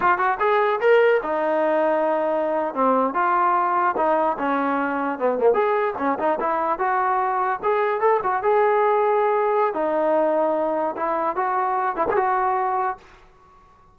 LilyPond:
\new Staff \with { instrumentName = "trombone" } { \time 4/4 \tempo 4 = 148 f'8 fis'8 gis'4 ais'4 dis'4~ | dis'2~ dis'8. c'4 f'16~ | f'4.~ f'16 dis'4 cis'4~ cis'16~ | cis'8. b8 ais8 gis'4 cis'8 dis'8 e'16~ |
e'8. fis'2 gis'4 a'16~ | a'16 fis'8 gis'2.~ gis'16 | dis'2. e'4 | fis'4. e'16 gis'16 fis'2 | }